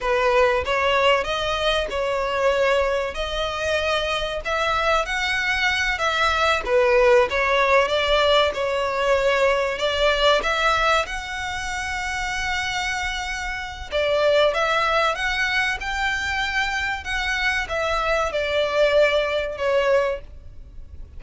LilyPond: \new Staff \with { instrumentName = "violin" } { \time 4/4 \tempo 4 = 95 b'4 cis''4 dis''4 cis''4~ | cis''4 dis''2 e''4 | fis''4. e''4 b'4 cis''8~ | cis''8 d''4 cis''2 d''8~ |
d''8 e''4 fis''2~ fis''8~ | fis''2 d''4 e''4 | fis''4 g''2 fis''4 | e''4 d''2 cis''4 | }